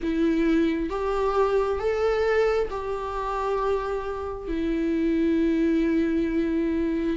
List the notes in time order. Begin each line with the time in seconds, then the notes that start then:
0.02 E4
0.90 G4
1.79 A4
2.70 G4
4.48 E4